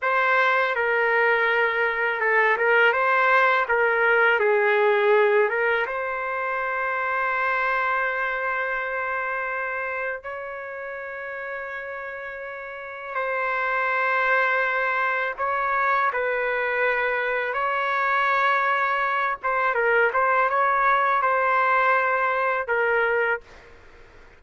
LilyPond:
\new Staff \with { instrumentName = "trumpet" } { \time 4/4 \tempo 4 = 82 c''4 ais'2 a'8 ais'8 | c''4 ais'4 gis'4. ais'8 | c''1~ | c''2 cis''2~ |
cis''2 c''2~ | c''4 cis''4 b'2 | cis''2~ cis''8 c''8 ais'8 c''8 | cis''4 c''2 ais'4 | }